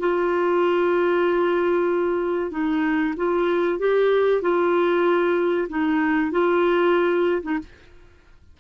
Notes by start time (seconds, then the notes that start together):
0.00 F4
2.51 D#4
3.17 F4
3.80 G4
4.42 F4
5.69 D#4
6.32 F4
7.43 D#4